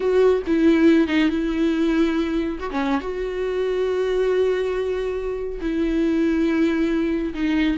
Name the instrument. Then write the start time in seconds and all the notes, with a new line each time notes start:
viola
0.00 F#4
0.46 E4
1.07 D#4
1.29 E4
2.59 F#4
2.70 C#4
3.01 F#4
5.60 E4
7.34 D#4